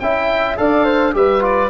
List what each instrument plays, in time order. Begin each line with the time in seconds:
0.00 tuba C#4, trombone E4, flute E5, oboe G5
0.57 tuba D4, trombone A4, flute D5, oboe F5
0.85 flute C5
1.13 tuba G3, trombone G4, flute B4, oboe E5
1.40 trombone F4, oboe D5